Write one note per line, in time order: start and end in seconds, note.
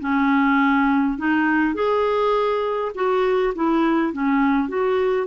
0.00 1.18 C#4
1.18 1.74 D#4
1.74 2.92 G#4
2.94 3.53 F#4
3.55 4.12 E4
4.12 4.68 C#4
4.68 5.27 F#4